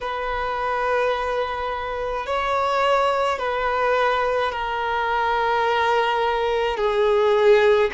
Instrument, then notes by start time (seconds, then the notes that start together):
violin
0.01 B4
2.26 C#5
3.38 B4
4.52 A#4
6.77 G#4